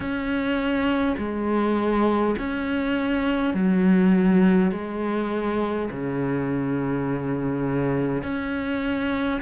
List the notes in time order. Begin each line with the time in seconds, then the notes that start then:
0.00 C#4
1.18 G#3
2.38 C#4
3.53 F#3
4.71 G#3
5.90 C#3
8.22 C#4